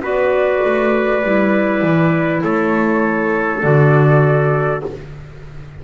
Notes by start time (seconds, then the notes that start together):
0.00 B3 F#4 B4 D5
0.65 A3
1.23 G3 E4
1.82 E3
2.42 A3 A4 C#5
3.62 D3 F#4 D5